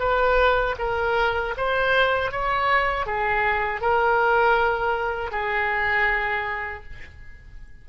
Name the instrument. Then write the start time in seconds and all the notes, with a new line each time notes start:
oboe
0.00 B4
0.79 A#4
1.57 C5
2.32 C#5
3.07 G#4
3.81 A#4
5.32 G#4